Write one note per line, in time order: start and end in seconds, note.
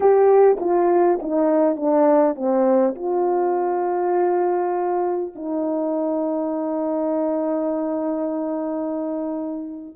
0.00 0.58 G4
0.60 1.19 F4
1.22 1.76 D#4
1.76 2.35 D4
2.35 2.95 C4
2.95 5.32 F4
5.35 9.95 D#4